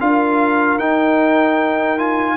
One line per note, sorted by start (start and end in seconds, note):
0.00 0.79 D4
0.00 0.80 F4
0.00 2.37 A#4
0.00 0.79 F5
0.79 2.37 D#4
0.79 1.98 D#4
0.79 1.99 G5
1.98 2.37 F4
1.98 2.37 G#5